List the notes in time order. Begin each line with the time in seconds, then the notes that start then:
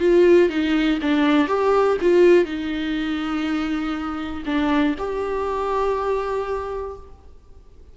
0.00 F4
0.50 D#4
1.02 D4
1.48 G4
2.02 F4
2.45 D#4
4.46 D4
4.99 G4